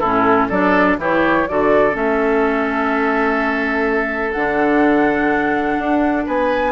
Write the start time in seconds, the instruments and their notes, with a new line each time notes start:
0.00 bassoon A2, clarinet C#4, oboe E4, flute A4
0.49 bassoon F#3, clarinet D4, oboe A4, flute D5
0.98 bassoon E3, clarinet E4, oboe G4, flute C#5
1.48 bassoon D3, clarinet F#4, oboe A4, flute D5
1.92 bassoon A3, clarinet C#4, flute E5
4.33 bassoon D3, clarinet D4, flute F#5
5.79 bassoon D4
6.26 bassoon B3, oboe B4, flute G#5